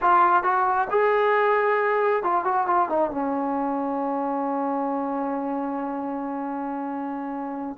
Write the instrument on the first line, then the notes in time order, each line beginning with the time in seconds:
trombone
0.01 F4
0.43 F#4
0.90 G#4
2.23 F4
2.44 F#4
2.66 F4
2.89 D#4
3.11 C#4